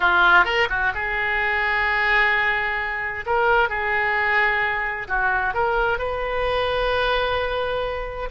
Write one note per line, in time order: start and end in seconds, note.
0.00 0.44 F4
0.44 0.67 A#4
0.69 0.92 F#4
0.94 3.25 G#4
3.26 3.69 A#4
3.69 5.07 G#4
5.08 5.54 F#4
5.54 5.98 A#4
5.98 8.29 B4